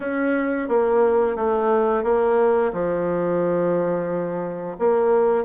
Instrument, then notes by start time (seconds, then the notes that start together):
bassoon
0.00 C#4
0.68 A#3
1.36 A3
2.03 A#3
2.73 F3
4.79 A#3